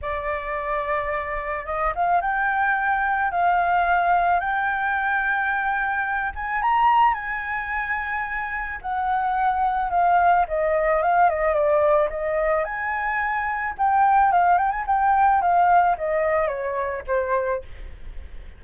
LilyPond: \new Staff \with { instrumentName = "flute" } { \time 4/4 \tempo 4 = 109 d''2. dis''8 f''8 | g''2 f''2 | g''2.~ g''8 gis''8 | ais''4 gis''2. |
fis''2 f''4 dis''4 | f''8 dis''8 d''4 dis''4 gis''4~ | gis''4 g''4 f''8 g''16 gis''16 g''4 | f''4 dis''4 cis''4 c''4 | }